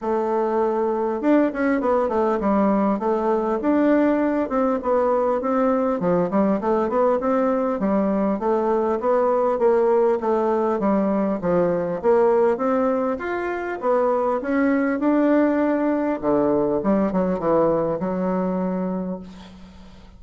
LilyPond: \new Staff \with { instrumentName = "bassoon" } { \time 4/4 \tempo 4 = 100 a2 d'8 cis'8 b8 a8 | g4 a4 d'4. c'8 | b4 c'4 f8 g8 a8 b8 | c'4 g4 a4 b4 |
ais4 a4 g4 f4 | ais4 c'4 f'4 b4 | cis'4 d'2 d4 | g8 fis8 e4 fis2 | }